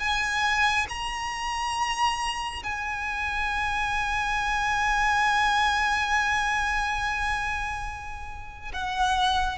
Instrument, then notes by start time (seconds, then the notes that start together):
violin
0.00 G#5
0.89 A#5
2.64 G#5
8.74 F#5